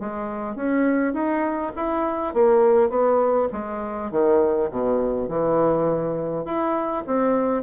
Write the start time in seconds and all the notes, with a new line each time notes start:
0.00 G#3
0.56 C#4
1.14 D#4
1.76 E4
2.34 A#3
2.90 B3
3.53 G#3
4.11 D#3
4.71 B2
5.29 E3
6.45 E4
7.07 C4